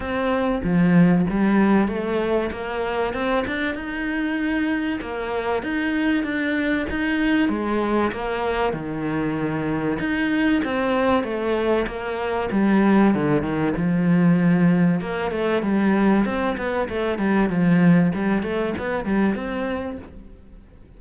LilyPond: \new Staff \with { instrumentName = "cello" } { \time 4/4 \tempo 4 = 96 c'4 f4 g4 a4 | ais4 c'8 d'8 dis'2 | ais4 dis'4 d'4 dis'4 | gis4 ais4 dis2 |
dis'4 c'4 a4 ais4 | g4 d8 dis8 f2 | ais8 a8 g4 c'8 b8 a8 g8 | f4 g8 a8 b8 g8 c'4 | }